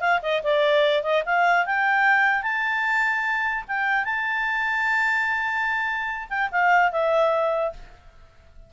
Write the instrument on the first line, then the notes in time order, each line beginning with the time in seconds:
clarinet
0.00 F5
0.22 D#5
0.43 D5
1.03 D#5
1.25 F5
1.66 G5
2.43 A5
3.68 G5
4.05 A5
6.29 G5
6.51 F5
6.92 E5